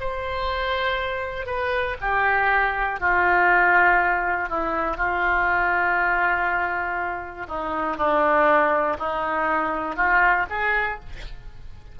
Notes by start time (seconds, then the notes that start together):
0.00 C5
1.46 B4
2.00 G4
3.00 F4
4.49 E4
4.96 F4
7.48 D#4
7.97 D4
8.99 D#4
9.95 F4
10.50 G#4